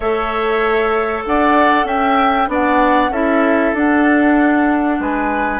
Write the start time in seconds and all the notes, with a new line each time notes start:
0.00 A3 A4 C#5 E5
1.26 D4 D5 F#5
1.84 C#4 E5 G5
2.47 B3 D4 D5 F#5
3.09 C#4 E4 A4 E5
3.73 D4 F#5
4.99 G#3 B4 G#5